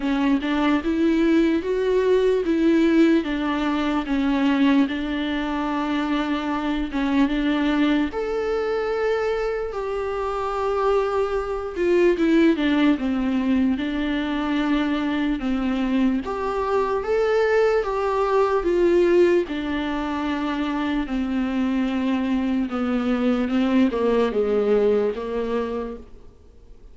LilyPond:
\new Staff \with { instrumentName = "viola" } { \time 4/4 \tempo 4 = 74 cis'8 d'8 e'4 fis'4 e'4 | d'4 cis'4 d'2~ | d'8 cis'8 d'4 a'2 | g'2~ g'8 f'8 e'8 d'8 |
c'4 d'2 c'4 | g'4 a'4 g'4 f'4 | d'2 c'2 | b4 c'8 ais8 gis4 ais4 | }